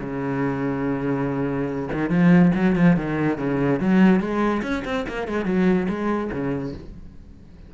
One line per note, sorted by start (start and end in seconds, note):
0.00 1.89 C#3
1.93 2.10 D#3
2.10 2.52 F3
2.55 2.76 F#3
2.76 2.96 F3
2.96 3.38 D#3
3.38 3.80 C#3
3.80 4.20 F#3
4.20 4.62 G#3
4.62 4.83 C#4
4.85 5.06 C4
5.08 5.28 A#3
5.28 5.45 G#3
5.45 5.87 F#3
5.89 6.31 G#3
6.32 6.74 C#3